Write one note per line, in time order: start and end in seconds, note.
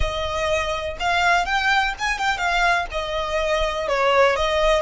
0.00 0.97 D#5
0.99 1.45 F5
1.45 1.94 G5
1.98 2.18 G#5
2.18 2.37 G5
2.37 2.85 F5
2.91 3.88 D#5
3.88 4.36 C#5
4.36 4.81 D#5